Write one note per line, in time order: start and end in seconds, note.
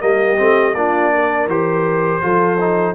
0.00 0.39 G3
0.00 0.37 A#3
0.00 0.77 G4
0.00 0.75 D#5
0.38 0.74 A3
0.38 0.74 C4
0.74 1.47 A#3
0.74 1.49 D4
0.74 1.13 F4
0.74 1.48 D5
1.14 2.23 A#4
1.47 2.20 E3
1.47 2.21 G4
1.47 2.95 C5
2.21 2.95 F3
2.21 2.58 F4
2.21 2.95 A4
2.59 2.95 D#4